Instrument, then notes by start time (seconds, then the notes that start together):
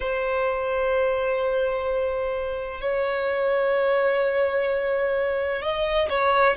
violin
0.00 C5
2.80 C#5
5.62 D#5
6.09 C#5